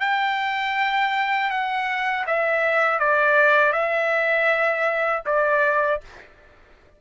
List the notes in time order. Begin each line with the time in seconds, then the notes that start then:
0.00 G5
1.50 F#5
2.26 E5
2.99 D5
3.72 E5
5.26 D5